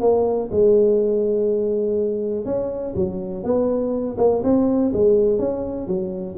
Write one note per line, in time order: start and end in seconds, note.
0.00 0.49 A#3
0.51 2.45 G#3
2.45 2.94 C#4
2.96 3.43 F#3
3.43 4.17 B3
4.18 4.42 A#3
4.43 4.92 C4
4.93 5.39 G#3
5.39 5.87 C#4
5.87 6.36 F#3